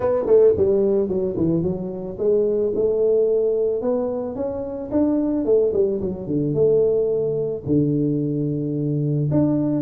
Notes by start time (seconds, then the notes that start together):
0.00 B3
0.26 A3
0.57 G3
1.08 F#3
1.37 E3
1.62 F#3
2.18 G#3
2.75 A3
3.81 B3
4.35 C#4
4.91 D4
5.45 A3
5.73 G3
6.00 F#3
6.27 D3
6.53 A3
7.66 D3
9.31 D4